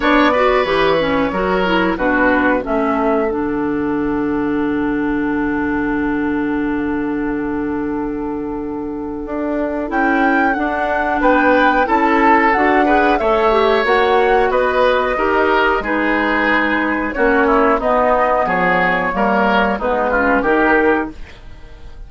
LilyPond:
<<
  \new Staff \with { instrumentName = "flute" } { \time 4/4 \tempo 4 = 91 d''4 cis''2 b'4 | e''4 fis''2.~ | fis''1~ | fis''2. g''4 |
fis''4 g''4 a''4 fis''4 | e''4 fis''4 dis''2 | b'2 cis''4 dis''4 | cis''2 b'4 ais'4 | }
  \new Staff \with { instrumentName = "oboe" } { \time 4/4 cis''8 b'4. ais'4 fis'4 | a'1~ | a'1~ | a'1~ |
a'4 b'4 a'4. b'8 | cis''2 b'4 ais'4 | gis'2 fis'8 e'8 dis'4 | gis'4 ais'4 dis'8 f'8 g'4 | }
  \new Staff \with { instrumentName = "clarinet" } { \time 4/4 d'8 fis'8 g'8 cis'8 fis'8 e'8 d'4 | cis'4 d'2.~ | d'1~ | d'2. e'4 |
d'2 e'4 fis'8 gis'8 | a'8 g'8 fis'2 g'4 | dis'2 cis'4 b4~ | b4 ais4 b8 cis'8 dis'4 | }
  \new Staff \with { instrumentName = "bassoon" } { \time 4/4 b4 e4 fis4 b,4 | a4 d2.~ | d1~ | d2 d'4 cis'4 |
d'4 b4 cis'4 d'4 | a4 ais4 b4 dis'4 | gis2 ais4 b4 | f4 g4 gis4 dis4 | }
>>